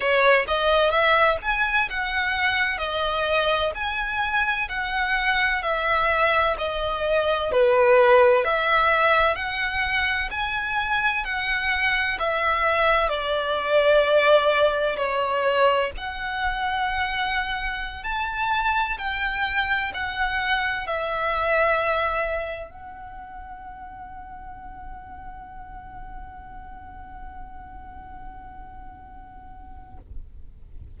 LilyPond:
\new Staff \with { instrumentName = "violin" } { \time 4/4 \tempo 4 = 64 cis''8 dis''8 e''8 gis''8 fis''4 dis''4 | gis''4 fis''4 e''4 dis''4 | b'4 e''4 fis''4 gis''4 | fis''4 e''4 d''2 |
cis''4 fis''2~ fis''16 a''8.~ | a''16 g''4 fis''4 e''4.~ e''16~ | e''16 fis''2.~ fis''8.~ | fis''1 | }